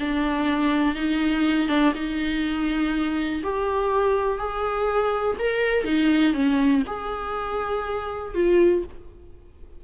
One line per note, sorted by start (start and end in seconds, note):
0.00 0.96 D4
0.96 1.69 D#4
1.69 1.93 D4
1.95 3.43 D#4
3.44 4.39 G4
4.39 5.37 G#4
5.39 5.85 A#4
5.85 6.34 D#4
6.34 6.83 C#4
6.87 8.35 G#4
8.35 8.84 F4